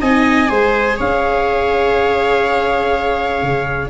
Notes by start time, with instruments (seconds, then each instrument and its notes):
0.00 tuba C4, viola D#4 D#5, trumpet G#5
0.48 tuba G#3, viola G#4 C5
0.96 tuba C#4, viola C#5, trumpet F5
3.42 tuba C#3